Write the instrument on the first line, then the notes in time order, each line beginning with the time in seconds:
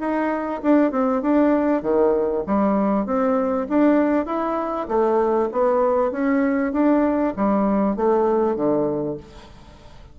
bassoon
0.00 D#4
0.63 D4
0.92 C4
1.22 D4
1.83 D#3
2.47 G3
3.06 C4
3.69 D4
4.26 E4
4.89 A3
5.52 B3
6.12 C#4
6.73 D4
7.37 G3
7.96 A3
8.56 D3